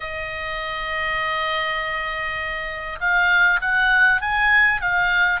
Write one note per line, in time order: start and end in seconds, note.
0.00 2.98 D#5
3.00 3.60 F5
3.61 4.21 F#5
4.21 4.81 G#5
4.81 5.40 F5